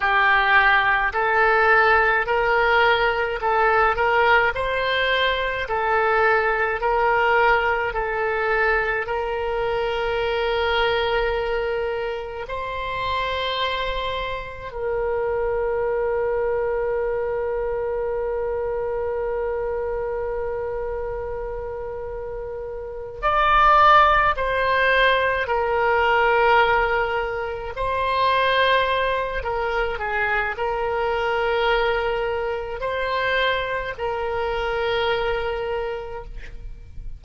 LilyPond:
\new Staff \with { instrumentName = "oboe" } { \time 4/4 \tempo 4 = 53 g'4 a'4 ais'4 a'8 ais'8 | c''4 a'4 ais'4 a'4 | ais'2. c''4~ | c''4 ais'2.~ |
ais'1~ | ais'8 d''4 c''4 ais'4.~ | ais'8 c''4. ais'8 gis'8 ais'4~ | ais'4 c''4 ais'2 | }